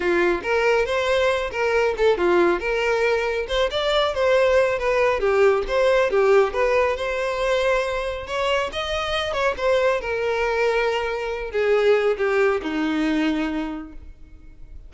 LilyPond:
\new Staff \with { instrumentName = "violin" } { \time 4/4 \tempo 4 = 138 f'4 ais'4 c''4. ais'8~ | ais'8 a'8 f'4 ais'2 | c''8 d''4 c''4. b'4 | g'4 c''4 g'4 b'4 |
c''2. cis''4 | dis''4. cis''8 c''4 ais'4~ | ais'2~ ais'8 gis'4. | g'4 dis'2. | }